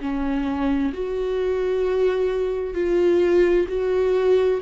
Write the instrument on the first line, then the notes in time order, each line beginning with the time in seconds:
viola
0.00 C#4
0.93 F#4
2.74 F4
3.68 F#4